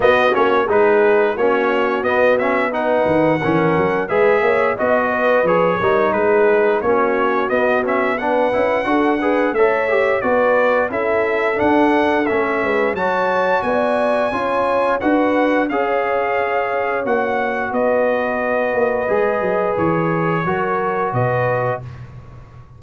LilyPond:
<<
  \new Staff \with { instrumentName = "trumpet" } { \time 4/4 \tempo 4 = 88 dis''8 cis''8 b'4 cis''4 dis''8 e''8 | fis''2 e''4 dis''4 | cis''4 b'4 cis''4 dis''8 e''8 | fis''2 e''4 d''4 |
e''4 fis''4 e''4 a''4 | gis''2 fis''4 f''4~ | f''4 fis''4 dis''2~ | dis''4 cis''2 dis''4 | }
  \new Staff \with { instrumentName = "horn" } { \time 4/4 fis'4 gis'4 fis'2 | b'4 ais'4 b'8 cis''8 dis''8 b'8~ | b'8 ais'8 gis'4 fis'2 | b'4 a'8 b'8 cis''4 b'4 |
a'2~ a'8 b'8 cis''4 | d''4 cis''4 b'4 cis''4~ | cis''2 b'2~ | b'2 ais'4 b'4 | }
  \new Staff \with { instrumentName = "trombone" } { \time 4/4 b8 cis'8 dis'4 cis'4 b8 cis'8 | dis'4 cis'4 gis'4 fis'4 | gis'8 dis'4. cis'4 b8 cis'8 | d'8 e'8 fis'8 gis'8 a'8 g'8 fis'4 |
e'4 d'4 cis'4 fis'4~ | fis'4 f'4 fis'4 gis'4~ | gis'4 fis'2. | gis'2 fis'2 | }
  \new Staff \with { instrumentName = "tuba" } { \time 4/4 b8 ais8 gis4 ais4 b4~ | b8 dis8 e8 fis8 gis8 ais8 b4 | f8 g8 gis4 ais4 b4~ | b8 cis'8 d'4 a4 b4 |
cis'4 d'4 a8 gis8 fis4 | b4 cis'4 d'4 cis'4~ | cis'4 ais4 b4. ais8 | gis8 fis8 e4 fis4 b,4 | }
>>